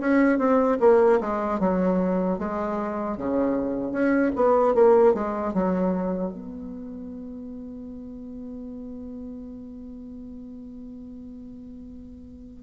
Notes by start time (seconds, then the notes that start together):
0.00 C#4
0.38 C4
0.80 A#3
1.20 G#3
1.59 F#3
2.39 G#3
3.17 C#3
3.92 C#4
4.36 B3
4.74 A#3
5.14 G#3
5.54 F#3
6.33 B3